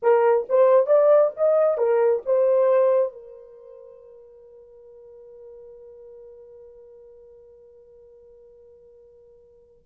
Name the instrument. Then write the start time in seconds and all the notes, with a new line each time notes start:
horn
0.02 A#4
0.49 C5
0.86 D5
1.36 D#5
1.77 A#4
2.25 C5
3.12 A#4